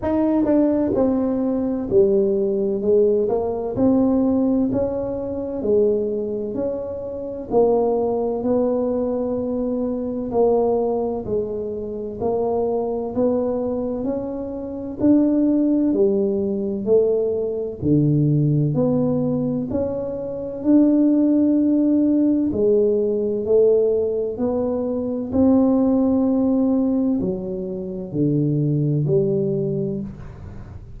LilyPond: \new Staff \with { instrumentName = "tuba" } { \time 4/4 \tempo 4 = 64 dis'8 d'8 c'4 g4 gis8 ais8 | c'4 cis'4 gis4 cis'4 | ais4 b2 ais4 | gis4 ais4 b4 cis'4 |
d'4 g4 a4 d4 | b4 cis'4 d'2 | gis4 a4 b4 c'4~ | c'4 fis4 d4 g4 | }